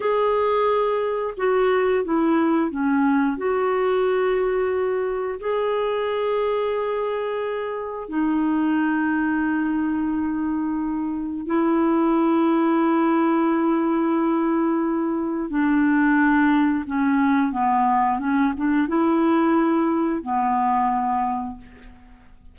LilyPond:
\new Staff \with { instrumentName = "clarinet" } { \time 4/4 \tempo 4 = 89 gis'2 fis'4 e'4 | cis'4 fis'2. | gis'1 | dis'1~ |
dis'4 e'2.~ | e'2. d'4~ | d'4 cis'4 b4 cis'8 d'8 | e'2 b2 | }